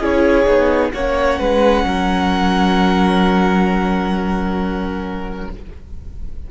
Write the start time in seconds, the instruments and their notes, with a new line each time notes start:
0.00 cello C#4, viola E4, violin G#4 C#5
0.45 cello B3, viola D#4
0.91 cello A#3, viola C#4, violin C#5 F#5
1.39 cello G#3, violin B4
1.84 cello F#3, violin A#4